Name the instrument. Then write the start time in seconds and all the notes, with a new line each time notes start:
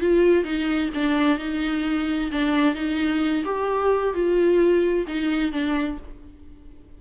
viola
0.00 F4
0.44 D#4
0.94 D4
1.39 D#4
2.32 D4
2.75 D#4
3.45 G4
4.14 F4
5.07 D#4
5.52 D4